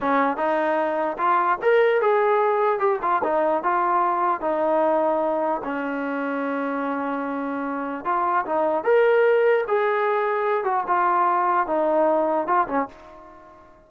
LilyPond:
\new Staff \with { instrumentName = "trombone" } { \time 4/4 \tempo 4 = 149 cis'4 dis'2 f'4 | ais'4 gis'2 g'8 f'8 | dis'4 f'2 dis'4~ | dis'2 cis'2~ |
cis'1 | f'4 dis'4 ais'2 | gis'2~ gis'8 fis'8 f'4~ | f'4 dis'2 f'8 cis'8 | }